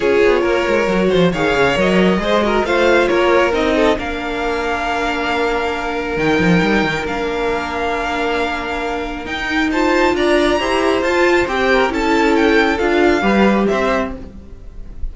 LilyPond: <<
  \new Staff \with { instrumentName = "violin" } { \time 4/4 \tempo 4 = 136 cis''2. f''4 | dis''2 f''4 cis''4 | dis''4 f''2.~ | f''2 g''2 |
f''1~ | f''4 g''4 a''4 ais''4~ | ais''4 a''4 g''4 a''4 | g''4 f''2 e''4 | }
  \new Staff \with { instrumentName = "violin" } { \time 4/4 gis'4 ais'4. c''8 cis''4~ | cis''4 c''8 ais'8 c''4 ais'4~ | ais'8 a'8 ais'2.~ | ais'1~ |
ais'1~ | ais'2 c''4 d''4 | c''2~ c''8 ais'8 a'4~ | a'2 b'4 c''4 | }
  \new Staff \with { instrumentName = "viola" } { \time 4/4 f'2 fis'4 gis'4 | ais'4 gis'8 fis'8 f'2 | dis'4 d'2.~ | d'2 dis'2 |
d'1~ | d'4 dis'4 f'2 | g'4 f'4 g'4 e'4~ | e'4 f'4 g'2 | }
  \new Staff \with { instrumentName = "cello" } { \time 4/4 cis'8 b8 ais8 gis8 fis8 f8 dis8 cis8 | fis4 gis4 a4 ais4 | c'4 ais2.~ | ais2 dis8 f8 g8 dis8 |
ais1~ | ais4 dis'2 d'4 | e'4 f'4 c'4 cis'4~ | cis'4 d'4 g4 c'4 | }
>>